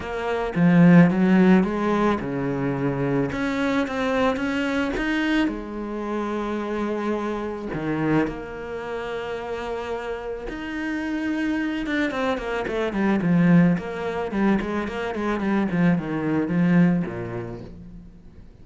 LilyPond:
\new Staff \with { instrumentName = "cello" } { \time 4/4 \tempo 4 = 109 ais4 f4 fis4 gis4 | cis2 cis'4 c'4 | cis'4 dis'4 gis2~ | gis2 dis4 ais4~ |
ais2. dis'4~ | dis'4. d'8 c'8 ais8 a8 g8 | f4 ais4 g8 gis8 ais8 gis8 | g8 f8 dis4 f4 ais,4 | }